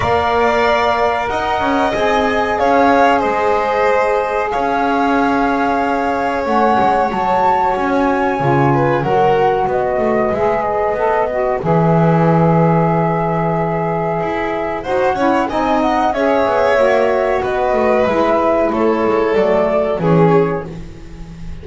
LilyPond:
<<
  \new Staff \with { instrumentName = "flute" } { \time 4/4 \tempo 4 = 93 f''2 fis''4 gis''4 | f''4 dis''2 f''4~ | f''2 fis''4 a''4 | gis''2 fis''4 dis''4 |
e''8 dis''4. e''2~ | e''2. fis''4 | gis''8 fis''8 e''2 dis''4 | e''4 cis''4 d''4 cis''4 | }
  \new Staff \with { instrumentName = "violin" } { \time 4/4 d''2 dis''2 | cis''4 c''2 cis''4~ | cis''1~ | cis''4. b'8 ais'4 b'4~ |
b'1~ | b'2. c''8 cis''8 | dis''4 cis''2 b'4~ | b'4 a'2 gis'4 | }
  \new Staff \with { instrumentName = "saxophone" } { \time 4/4 ais'2. gis'4~ | gis'1~ | gis'2 cis'4 fis'4~ | fis'4 f'4 fis'2 |
gis'4 a'8 fis'8 gis'2~ | gis'2. fis'8 e'8 | dis'4 gis'4 fis'2 | e'2 a4 cis'4 | }
  \new Staff \with { instrumentName = "double bass" } { \time 4/4 ais2 dis'8 cis'8 c'4 | cis'4 gis2 cis'4~ | cis'2 a8 gis8 fis4 | cis'4 cis4 fis4 b8 a8 |
gis4 b4 e2~ | e2 e'4 dis'8 cis'8 | c'4 cis'8 b8 ais4 b8 a8 | gis4 a8 gis8 fis4 e4 | }
>>